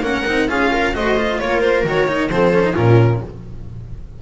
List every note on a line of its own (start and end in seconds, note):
0.00 0.23 A#3
0.00 0.25 C#4
0.00 0.49 A#4
0.00 0.48 F#5
0.26 0.48 C4
0.26 0.48 D#4
0.48 0.94 C#4
0.48 0.93 F4
0.48 0.72 G#4
0.48 0.95 F5
0.72 0.95 A#4
0.93 1.39 A3
0.93 1.16 F#4
0.93 1.41 C5
0.93 1.39 D#5
1.17 1.85 F4
1.39 1.84 A#3
1.39 2.32 A#4
1.39 1.61 C#5
1.61 1.83 C5
1.84 2.29 D#3
1.84 2.07 F#4
1.84 2.29 C#5
2.07 2.30 D#4
2.29 2.75 F3
2.29 2.54 C4
2.29 2.73 A4
2.29 2.75 C5
2.54 2.63 C#4
2.63 2.74 D#4
2.73 3.21 A#2
2.73 3.21 C#4
2.73 3.19 F4
2.73 3.21 A#4